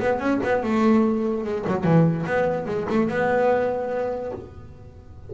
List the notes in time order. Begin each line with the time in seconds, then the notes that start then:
0.00 B3
0.20 C#4
0.44 B3
0.64 A3
1.45 G#3
1.67 F#3
1.84 E3
2.27 B3
2.66 G#3
2.89 A3
3.09 B3